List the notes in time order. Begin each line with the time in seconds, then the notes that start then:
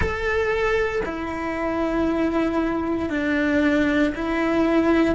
0.00 A4
1.05 E4
3.09 D4
4.14 E4